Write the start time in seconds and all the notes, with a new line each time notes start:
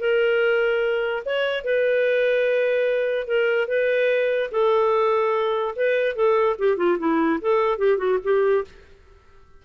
0.00 A#4
1.26 C#5
1.65 B4
3.27 A#4
3.68 B4
4.52 A4
5.76 B4
6.16 A4
6.59 G4
6.78 F4
6.99 E4
7.41 A4
7.79 G4
7.98 F#4
8.24 G4